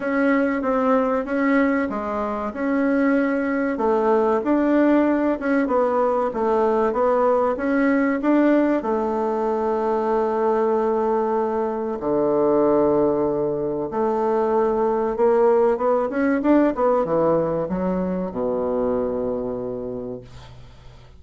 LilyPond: \new Staff \with { instrumentName = "bassoon" } { \time 4/4 \tempo 4 = 95 cis'4 c'4 cis'4 gis4 | cis'2 a4 d'4~ | d'8 cis'8 b4 a4 b4 | cis'4 d'4 a2~ |
a2. d4~ | d2 a2 | ais4 b8 cis'8 d'8 b8 e4 | fis4 b,2. | }